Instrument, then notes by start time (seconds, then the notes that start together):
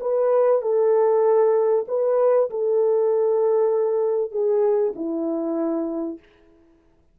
horn
0.00 B4
0.62 A4
1.88 B4
2.50 A4
4.31 G#4
4.95 E4